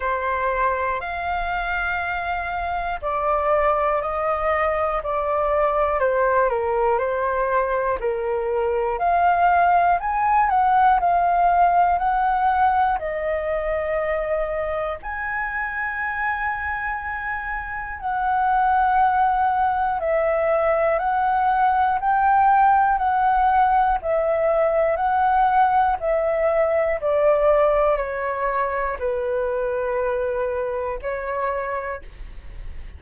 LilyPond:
\new Staff \with { instrumentName = "flute" } { \time 4/4 \tempo 4 = 60 c''4 f''2 d''4 | dis''4 d''4 c''8 ais'8 c''4 | ais'4 f''4 gis''8 fis''8 f''4 | fis''4 dis''2 gis''4~ |
gis''2 fis''2 | e''4 fis''4 g''4 fis''4 | e''4 fis''4 e''4 d''4 | cis''4 b'2 cis''4 | }